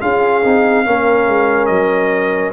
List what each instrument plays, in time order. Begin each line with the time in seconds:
0.00 tuba C#4, trombone F4, horn G#4, trumpet F5
0.44 tuba C4, trombone D#4
0.85 tuba A#3, trombone C#4, horn A#4
1.27 tuba G#3
1.66 tuba F#3, trumpet D#5